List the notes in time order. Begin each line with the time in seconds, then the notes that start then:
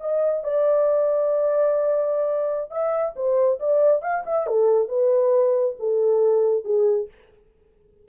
0.00 D#5
0.43 D5
2.70 E5
3.15 C5
3.59 D5
4.02 F5
4.26 E5
4.46 A4
4.88 B4
5.79 A4
6.64 G#4